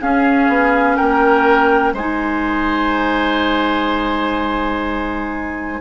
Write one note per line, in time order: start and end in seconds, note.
0.00 0.48 C#4
0.00 1.95 C#4
0.00 0.96 G#4
0.00 0.96 F5
0.48 0.97 B3
0.96 1.93 A#3
0.96 1.93 A#4
0.96 1.93 G5
1.93 5.80 G#3
1.93 5.80 C5
1.93 5.80 G#5
1.99 5.80 D#4